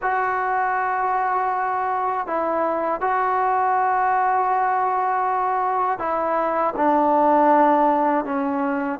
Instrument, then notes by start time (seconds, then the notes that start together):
trombone
0.02 F#4
2.26 E4
3.00 F#4
5.99 E4
6.76 D4
8.24 C#4